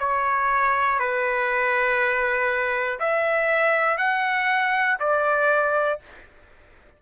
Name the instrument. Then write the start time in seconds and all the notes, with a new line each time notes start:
trumpet
0.00 C#5
0.99 B4
3.00 E5
3.98 F#5
5.00 D5